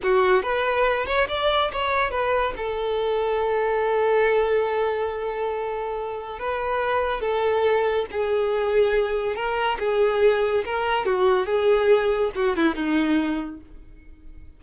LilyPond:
\new Staff \with { instrumentName = "violin" } { \time 4/4 \tempo 4 = 141 fis'4 b'4. cis''8 d''4 | cis''4 b'4 a'2~ | a'1~ | a'2. b'4~ |
b'4 a'2 gis'4~ | gis'2 ais'4 gis'4~ | gis'4 ais'4 fis'4 gis'4~ | gis'4 fis'8 e'8 dis'2 | }